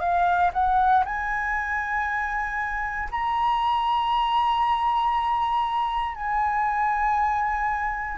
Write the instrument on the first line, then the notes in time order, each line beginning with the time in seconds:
flute
0.00 F5
0.53 F#5
1.05 G#5
3.11 A#5
6.15 G#5